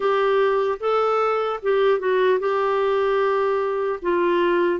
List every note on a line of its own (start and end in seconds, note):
0.00 0.78 G4
0.80 1.60 A4
1.62 1.99 G4
1.99 2.39 F#4
2.39 3.99 G4
4.01 4.80 F4